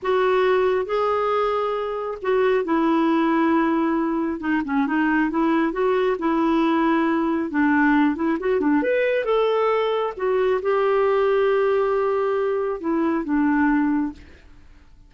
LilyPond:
\new Staff \with { instrumentName = "clarinet" } { \time 4/4 \tempo 4 = 136 fis'2 gis'2~ | gis'4 fis'4 e'2~ | e'2 dis'8 cis'8 dis'4 | e'4 fis'4 e'2~ |
e'4 d'4. e'8 fis'8 d'8 | b'4 a'2 fis'4 | g'1~ | g'4 e'4 d'2 | }